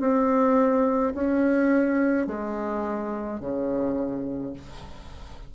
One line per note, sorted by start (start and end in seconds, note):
0.00 1.13 C4
1.14 2.26 C#4
2.26 3.40 G#3
3.40 4.53 C#3